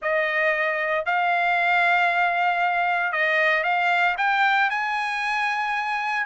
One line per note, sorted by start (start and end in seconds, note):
0.01 1.05 D#5
1.05 3.12 F5
3.12 3.63 D#5
3.63 4.15 F5
4.17 4.70 G5
4.70 6.26 G#5